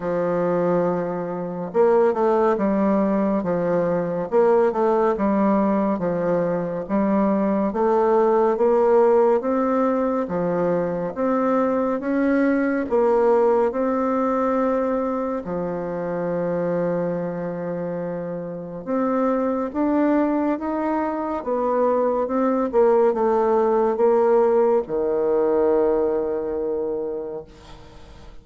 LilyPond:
\new Staff \with { instrumentName = "bassoon" } { \time 4/4 \tempo 4 = 70 f2 ais8 a8 g4 | f4 ais8 a8 g4 f4 | g4 a4 ais4 c'4 | f4 c'4 cis'4 ais4 |
c'2 f2~ | f2 c'4 d'4 | dis'4 b4 c'8 ais8 a4 | ais4 dis2. | }